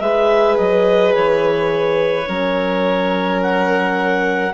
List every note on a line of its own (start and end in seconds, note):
0.00 0.57 G#3
0.00 2.26 G#4
0.00 2.28 B4
0.00 0.57 E5
0.57 1.15 F#3
0.57 1.14 D#5
1.14 2.28 E3
1.14 3.41 C#5
2.26 4.53 F#3
2.26 4.52 C#4
2.26 4.53 A#4
3.42 4.53 F#5